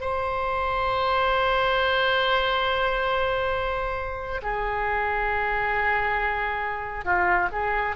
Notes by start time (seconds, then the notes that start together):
0.00 C5
4.42 G#4
7.04 F4
7.52 G#4